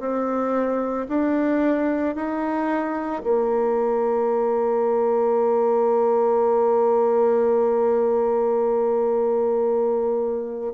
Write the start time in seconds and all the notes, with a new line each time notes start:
0.00 C4
1.08 D4
2.15 D#4
3.23 A#3